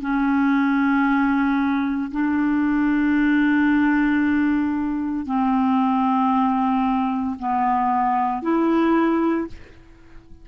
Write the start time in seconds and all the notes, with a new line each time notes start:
0.00 C#4
2.11 D4
5.25 C4
7.39 B3
8.42 E4